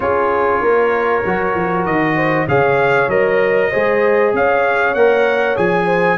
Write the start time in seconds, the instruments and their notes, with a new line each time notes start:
0.00 tuba C#4, trombone F4, horn G#4, trumpet C#5
0.61 tuba A#3, horn A#4
1.25 tuba F#3, trombone F#4
1.55 tuba F3
1.85 tuba D#3, trumpet D#5
2.16 horn C5
2.47 tuba C#3, trombone G#4, horn C#5, trumpet F5
3.07 tuba F#3, trombone A#4, trumpet D#5
3.70 tuba G#3, trombone G#4, horn C5
4.33 tuba C#4, horn C#5, trumpet F5
4.94 tuba A#3, trombone A#4, trumpet F#5
5.56 tuba F3, trombone G#4, trumpet G#5
5.85 horn C5